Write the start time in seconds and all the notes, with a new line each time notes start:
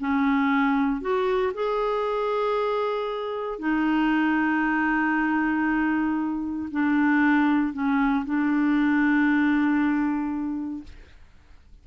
0.00 C#4
1.01 F#4
1.54 G#4
3.59 D#4
6.71 D4
7.73 C#4
8.25 D4